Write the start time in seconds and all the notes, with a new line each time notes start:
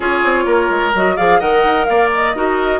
0.00 C#4 F4 G#4 C#5
0.24 C4
0.45 A#3 A#4
0.70 G#3
0.94 F#3 F#4 D#5
1.16 F3 G#4 D5 F5
1.39 D#3 A#4 D#5 F#5
1.63 D#4
1.85 A#3 D5 F5
2.14 D#5
2.34 D#4 F#4 A#4